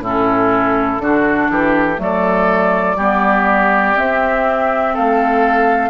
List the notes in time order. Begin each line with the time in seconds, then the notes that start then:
0.00 A2 C#4 E4
0.06 A4
1.00 D3 D4 F#4
1.50 E3 G4
1.97 F#3 A3 A4 D5
2.97 G3 B3 G4
3.95 C4 E5
4.94 A3 A4 F5